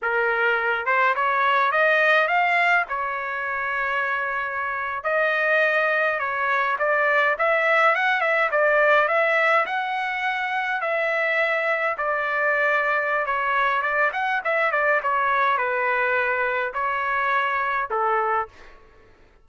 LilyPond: \new Staff \with { instrumentName = "trumpet" } { \time 4/4 \tempo 4 = 104 ais'4. c''8 cis''4 dis''4 | f''4 cis''2.~ | cis''8. dis''2 cis''4 d''16~ | d''8. e''4 fis''8 e''8 d''4 e''16~ |
e''8. fis''2 e''4~ e''16~ | e''8. d''2~ d''16 cis''4 | d''8 fis''8 e''8 d''8 cis''4 b'4~ | b'4 cis''2 a'4 | }